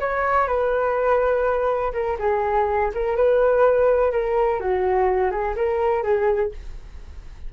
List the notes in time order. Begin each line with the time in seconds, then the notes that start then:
0.00 C#5
0.48 B4
1.93 A#4
2.19 G#4
2.94 A#4
3.16 B4
4.12 A#4
4.61 F#4
5.31 G#4
5.56 A#4
6.03 G#4